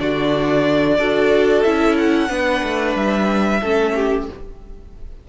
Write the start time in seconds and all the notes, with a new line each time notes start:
0.00 D3 D4 F#4 D5
0.98 D4 F#4 A4
1.63 C#4 E4 E5
1.98 F#5
2.29 B3 D4 B4
2.64 A3
2.95 G3 E5
3.60 A3 C#4 A4
3.95 G4